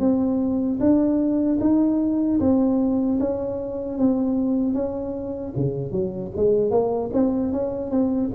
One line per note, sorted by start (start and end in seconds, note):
0.00 0.79 C4
0.80 1.59 D4
1.61 2.40 D#4
2.40 3.19 C4
3.20 3.99 C#4
3.99 4.74 C4
4.74 5.53 C#4
5.57 5.92 C#3
5.92 6.32 F#3
6.36 6.71 G#3
6.71 7.11 A#3
7.13 7.53 C4
7.53 7.91 C#4
7.91 8.31 C4